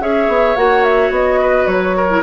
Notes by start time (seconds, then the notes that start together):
0.00 C#4 G#4 C#5 E5
0.28 B3
0.56 A#3 F#4 F#5
0.84 E5
1.10 B3 D#5
1.41 B4
1.66 F#3 C#5
1.96 A#4
2.09 E4